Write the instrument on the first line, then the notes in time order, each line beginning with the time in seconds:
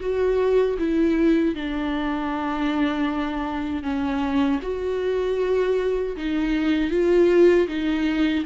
viola
0.00 F#4
0.79 E4
1.55 D4
3.83 C#4
4.62 F#4
6.17 D#4
6.90 F4
7.67 D#4